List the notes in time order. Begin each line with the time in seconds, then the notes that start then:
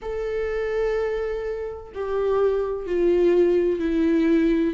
0.02 A4
1.94 G4
2.86 F4
3.79 E4